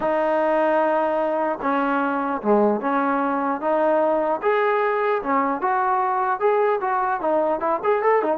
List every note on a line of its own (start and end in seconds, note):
0.00 1.59 D#4
1.61 2.41 C#4
2.41 2.80 G#3
2.80 3.60 C#4
3.61 4.41 D#4
4.41 5.21 G#4
5.22 5.61 C#4
5.61 6.40 F#4
6.40 6.80 G#4
6.80 7.20 F#4
7.21 7.59 D#4
7.59 7.79 E4
7.83 8.02 G#4
8.02 8.22 A4
8.22 8.37 D#4